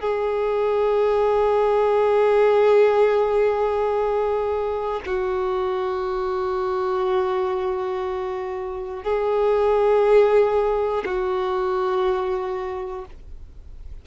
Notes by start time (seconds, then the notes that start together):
0.00 G#4
5.05 F#4
9.03 G#4
11.05 F#4